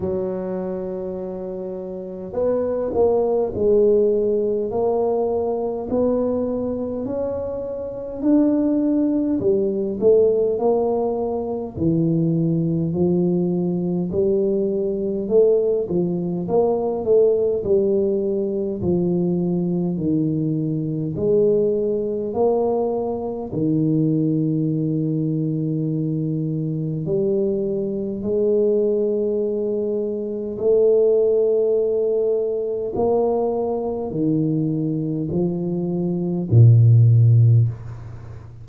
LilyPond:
\new Staff \with { instrumentName = "tuba" } { \time 4/4 \tempo 4 = 51 fis2 b8 ais8 gis4 | ais4 b4 cis'4 d'4 | g8 a8 ais4 e4 f4 | g4 a8 f8 ais8 a8 g4 |
f4 dis4 gis4 ais4 | dis2. g4 | gis2 a2 | ais4 dis4 f4 ais,4 | }